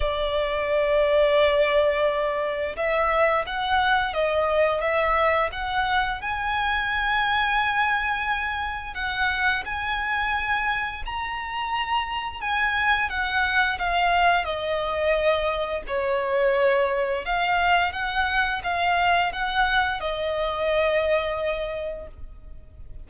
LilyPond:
\new Staff \with { instrumentName = "violin" } { \time 4/4 \tempo 4 = 87 d''1 | e''4 fis''4 dis''4 e''4 | fis''4 gis''2.~ | gis''4 fis''4 gis''2 |
ais''2 gis''4 fis''4 | f''4 dis''2 cis''4~ | cis''4 f''4 fis''4 f''4 | fis''4 dis''2. | }